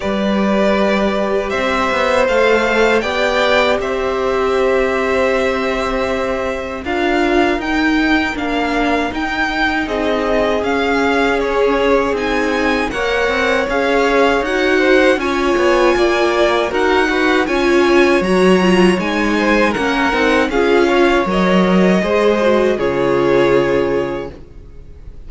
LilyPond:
<<
  \new Staff \with { instrumentName = "violin" } { \time 4/4 \tempo 4 = 79 d''2 e''4 f''4 | g''4 e''2.~ | e''4 f''4 g''4 f''4 | g''4 dis''4 f''4 cis''4 |
gis''4 fis''4 f''4 fis''4 | gis''2 fis''4 gis''4 | ais''4 gis''4 fis''4 f''4 | dis''2 cis''2 | }
  \new Staff \with { instrumentName = "violin" } { \time 4/4 b'2 c''2 | d''4 c''2.~ | c''4 ais'2.~ | ais'4 gis'2.~ |
gis'4 cis''2~ cis''8 c''8 | cis''4 d''4 ais'8 fis'8 cis''4~ | cis''4. c''8 ais'4 gis'8 cis''8~ | cis''4 c''4 gis'2 | }
  \new Staff \with { instrumentName = "viola" } { \time 4/4 g'2. a'4 | g'1~ | g'4 f'4 dis'4 d'4 | dis'2 cis'2 |
dis'4 ais'4 gis'4 fis'4 | f'2 fis'8 b'8 f'4 | fis'8 f'8 dis'4 cis'8 dis'8 f'4 | ais'4 gis'8 fis'8 f'2 | }
  \new Staff \with { instrumentName = "cello" } { \time 4/4 g2 c'8 b8 a4 | b4 c'2.~ | c'4 d'4 dis'4 ais4 | dis'4 c'4 cis'2 |
c'4 ais8 c'8 cis'4 dis'4 | cis'8 b8 ais4 dis'4 cis'4 | fis4 gis4 ais8 c'8 cis'4 | fis4 gis4 cis2 | }
>>